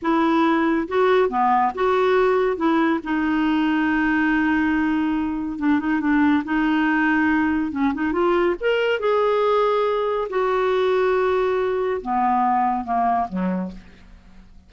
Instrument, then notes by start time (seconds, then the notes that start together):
clarinet
0.01 E4
0.87 F#4
1.29 B3
1.74 F#4
2.56 E4
3.03 D#4
5.58 D4
5.79 D#4
6.00 D4
6.44 D#4
7.71 C#4
7.94 D#4
8.12 F4
8.60 A#4
8.99 G#4
10.29 F#4
12.01 B3
12.84 A#3
13.29 F#3